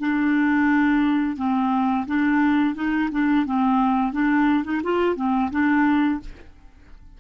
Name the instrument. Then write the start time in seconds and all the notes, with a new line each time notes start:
clarinet
0.00 D4
1.37 C4
2.07 D4
2.75 D#4
3.12 D4
3.46 C4
4.13 D4
4.65 D#4
4.84 F4
5.16 C4
5.51 D4